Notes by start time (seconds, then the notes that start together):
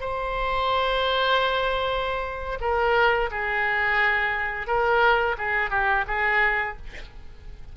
0.00 C5
2.61 A#4
3.31 G#4
4.67 A#4
5.38 G#4
5.70 G4
6.08 G#4